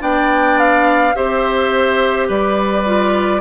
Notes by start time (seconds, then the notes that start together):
0.00 B3 D4 D5 G5
0.59 F5
1.15 C4 G4 C5 E5
2.28 G3 B4 D5
2.85 F4